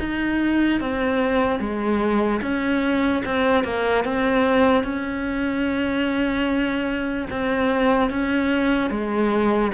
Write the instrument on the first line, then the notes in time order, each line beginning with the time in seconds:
cello
0.00 D#4
0.80 C4
1.60 G#3
2.42 C#4
3.25 C4
3.64 A#3
4.05 C4
4.84 C#4
7.30 C4
8.10 C#4
8.90 G#3